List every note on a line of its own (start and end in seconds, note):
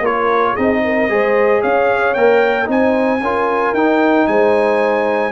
0.00 0.53 A#3
0.00 0.57 F4
0.00 0.52 A#4
0.00 0.55 C#5
0.52 1.09 C4
0.52 1.09 D#4
0.52 0.79 G#4
0.52 1.62 D#5
0.84 1.11 A#4
1.09 1.62 G#3
1.09 2.15 G#4
1.09 1.61 C5
1.61 2.15 C#4
1.61 2.67 C#5
1.61 2.14 F5
2.14 2.68 A#3
2.14 2.65 A#4
2.14 2.67 G5
2.65 3.21 C4
2.65 3.18 D#4
2.65 3.22 C5
2.65 3.74 G#5
3.21 3.73 C#4
3.21 3.76 F4
3.21 4.27 A#4
3.73 4.26 D#4
3.73 5.31 D#4
3.73 4.27 G5
4.27 5.31 G#3
4.27 5.31 C5
4.27 5.31 G#5